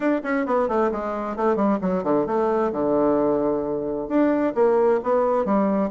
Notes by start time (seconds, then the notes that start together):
0.00 D4
0.23 C#4
0.45 B3
0.68 A3
0.91 G#3
1.36 A3
1.56 G3
1.81 F#3
2.03 D3
2.26 A3
2.72 D3
4.08 D4
4.54 A#3
5.03 B3
5.45 G3